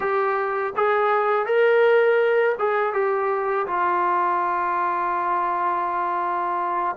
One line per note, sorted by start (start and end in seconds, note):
0.00 0.73 G4
0.75 1.46 G#4
1.46 2.55 A#4
2.58 2.93 G#4
2.93 3.66 G4
3.67 6.96 F4